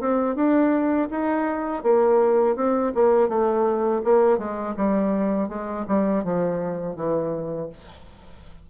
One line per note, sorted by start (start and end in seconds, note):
0.00 0.35 C4
0.35 1.08 D4
1.10 1.83 D#4
1.83 2.56 A#3
2.56 2.92 C4
2.94 3.29 A#3
3.29 4.02 A3
4.04 4.38 A#3
4.38 4.74 G#3
4.77 5.48 G3
5.48 5.85 G#3
5.87 6.24 G3
6.24 6.96 F3
6.96 7.69 E3